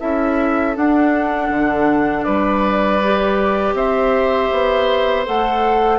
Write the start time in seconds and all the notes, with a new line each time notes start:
0.00 C#4 E4 A4 E5
0.75 D4 F#5
1.50 D3
2.24 G3 B4 D5
3.03 G4
3.74 C4 C5 E5
4.52 B3
5.26 A3 A4 F#5